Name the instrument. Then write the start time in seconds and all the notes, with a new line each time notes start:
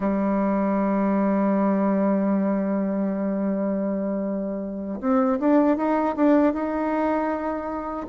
bassoon
0.00 G3
5.00 C4
5.40 D4
5.76 D#4
6.15 D4
6.53 D#4